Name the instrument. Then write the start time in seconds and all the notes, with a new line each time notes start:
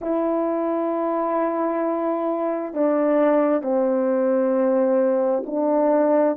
horn
0.01 E4
2.74 D4
3.62 C4
5.45 D4